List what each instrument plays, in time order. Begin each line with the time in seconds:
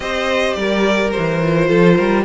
0.00 cello C4, viola G4, violin C5 D#5
0.53 cello G3, violin A#4 D5
1.11 violin C5
1.17 cello E3
1.42 viola F4
1.68 cello F3, violin A4
1.95 cello G3, violin A#4